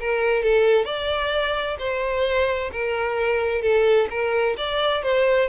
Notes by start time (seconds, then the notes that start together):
0.00 A#4
0.43 A4
0.85 D5
1.78 C5
2.72 A#4
3.62 A4
4.10 A#4
4.57 D5
5.03 C5